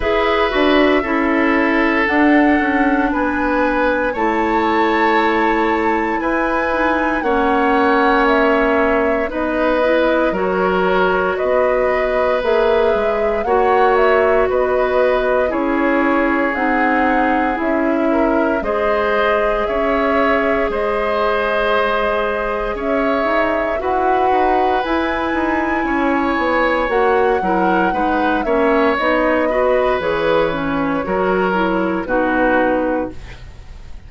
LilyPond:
<<
  \new Staff \with { instrumentName = "flute" } { \time 4/4 \tempo 4 = 58 e''2 fis''4 gis''4 | a''2 gis''4 fis''4 | e''4 dis''4 cis''4 dis''4 | e''4 fis''8 e''8 dis''4 cis''4 |
fis''4 e''4 dis''4 e''4 | dis''2 e''4 fis''4 | gis''2 fis''4. e''8 | dis''4 cis''2 b'4 | }
  \new Staff \with { instrumentName = "oboe" } { \time 4/4 b'4 a'2 b'4 | cis''2 b'4 cis''4~ | cis''4 b'4 ais'4 b'4~ | b'4 cis''4 b'4 gis'4~ |
gis'4. ais'8 c''4 cis''4 | c''2 cis''4 b'4~ | b'4 cis''4. ais'8 b'8 cis''8~ | cis''8 b'4. ais'4 fis'4 | }
  \new Staff \with { instrumentName = "clarinet" } { \time 4/4 gis'8 fis'8 e'4 d'2 | e'2~ e'8 dis'8 cis'4~ | cis'4 dis'8 e'8 fis'2 | gis'4 fis'2 e'4 |
dis'4 e'4 gis'2~ | gis'2. fis'4 | e'2 fis'8 e'8 dis'8 cis'8 | dis'8 fis'8 gis'8 cis'8 fis'8 e'8 dis'4 | }
  \new Staff \with { instrumentName = "bassoon" } { \time 4/4 e'8 d'8 cis'4 d'8 cis'8 b4 | a2 e'4 ais4~ | ais4 b4 fis4 b4 | ais8 gis8 ais4 b4 cis'4 |
c'4 cis'4 gis4 cis'4 | gis2 cis'8 dis'8 e'8 dis'8 | e'8 dis'8 cis'8 b8 ais8 fis8 gis8 ais8 | b4 e4 fis4 b,4 | }
>>